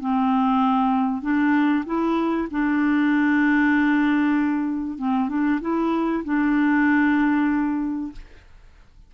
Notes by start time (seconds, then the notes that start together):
0.00 C4
1.22 D4
1.86 E4
2.51 D4
4.98 C4
5.29 D4
5.61 E4
6.24 D4